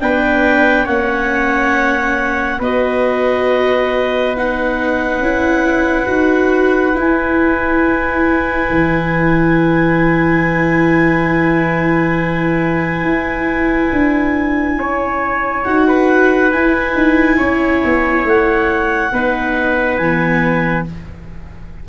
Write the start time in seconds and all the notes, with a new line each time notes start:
0.00 B3 D4 B4 G5
0.84 A#3 C#4 C#5 F#5
2.59 B3 F#4 B4 D#5
4.36 D#4 F#5
5.19 C#4 E4
6.06 D#4 F#4
6.94 E4 G#5
8.70 E3
13.03 E4
13.92 D4
14.77 C#4 C#5
15.64 D#4 F#4 F#5
15.88 B4
16.51 E4 G#5
16.95 D#4
17.38 C#4 C#5
17.85 B3
18.24 A3 F#5
19.12 B3 D#4 B4
19.97 E3 B3 G#5